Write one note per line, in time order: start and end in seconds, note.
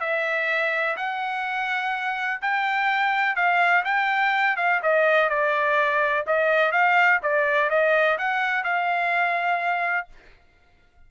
0.00 0.96 E5
0.96 2.40 F#5
2.41 3.36 G5
3.36 3.84 F5
3.85 4.56 G5
4.56 4.80 F5
4.83 5.29 D#5
5.29 6.25 D5
6.26 6.72 D#5
6.72 7.20 F5
7.22 7.70 D5
7.70 8.18 D#5
8.18 8.64 F#5
8.64 10.08 F5